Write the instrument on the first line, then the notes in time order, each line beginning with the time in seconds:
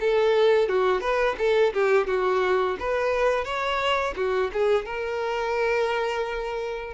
violin
0.00 A4
0.68 F#4
1.01 B4
1.38 A4
1.73 G4
2.07 F#4
2.79 B4
3.44 C#5
4.16 F#4
4.53 G#4
4.85 A#4